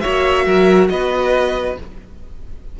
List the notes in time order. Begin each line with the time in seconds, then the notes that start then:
0.00 A#3 F#4 C#5 E5
0.46 F#3 A#4
0.89 B3 B4 D#5